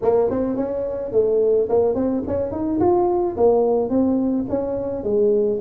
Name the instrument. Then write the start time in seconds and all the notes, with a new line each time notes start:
tuba
0.02 A#3
0.30 C4
0.56 C#4
1.12 A3
1.69 A#3
1.94 C4
2.27 C#4
2.51 D#4
2.80 F4
3.36 A#3
3.89 C4
4.49 C#4
5.03 G#3